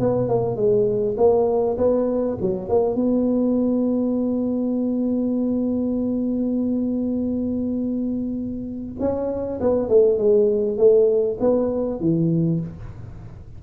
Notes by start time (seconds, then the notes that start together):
0.00 B3
0.29 A#3
0.56 G#3
1.18 A#3
1.78 B3
2.41 F#3
2.69 A#3
2.96 B3
9.00 C#4
9.61 B3
9.89 A3
10.19 G#3
10.78 A3
11.41 B3
12.01 E3